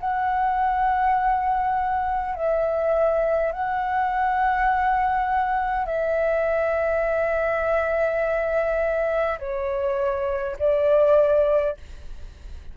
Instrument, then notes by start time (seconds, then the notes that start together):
flute
0.00 F#5
2.35 E5
3.52 F#5
5.86 E5
9.39 C#5
10.59 D5